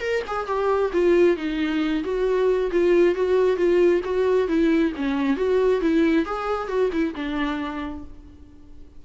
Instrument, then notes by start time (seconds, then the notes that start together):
viola
0.00 A#4
0.27 G#4
0.46 G4
0.93 F4
1.36 D#4
2.03 F#4
2.71 F4
3.15 F#4
3.56 F4
4.04 F#4
4.47 E4
4.96 C#4
5.36 F#4
5.81 E4
6.25 G#4
6.67 F#4
6.92 E4
7.15 D4